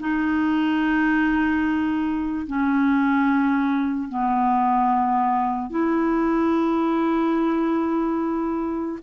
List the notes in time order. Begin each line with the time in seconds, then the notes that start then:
0.00 D#4
2.47 C#4
4.09 B3
5.70 E4